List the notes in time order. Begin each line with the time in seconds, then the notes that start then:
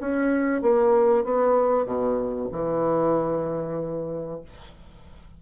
0.00 C#4
0.61 A#3
1.24 B3
1.85 B2
2.52 E3